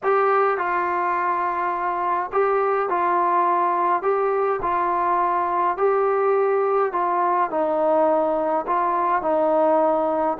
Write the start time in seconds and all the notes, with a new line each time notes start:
0.03 G4
0.57 F4
2.32 G4
2.89 F4
4.02 G4
4.62 F4
5.77 G4
6.92 F4
7.50 D#4
8.67 F4
9.22 D#4